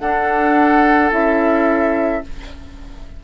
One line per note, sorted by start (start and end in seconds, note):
0.00 1.12 D4
0.00 1.11 D4
0.00 2.23 A4
0.00 1.11 F#5
1.11 2.23 C#4
1.11 2.22 E4
1.11 2.24 E5